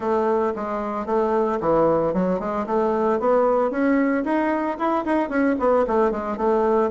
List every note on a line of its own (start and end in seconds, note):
0.00 0.53 A3
0.55 1.06 G#3
1.06 1.59 A3
1.60 2.13 E3
2.13 2.39 F#3
2.39 2.66 G#3
2.66 3.19 A3
3.19 3.70 B3
3.70 4.24 C#4
4.24 4.77 D#4
4.78 5.04 E4
5.05 5.29 D#4
5.29 5.55 C#4
5.59 5.85 B3
5.87 6.11 A3
6.11 6.37 G#3
6.37 6.90 A3